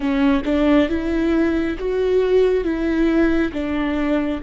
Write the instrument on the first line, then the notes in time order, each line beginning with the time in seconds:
viola
0.00 C#4
0.44 D4
0.88 E4
1.78 F#4
2.64 E4
3.53 D4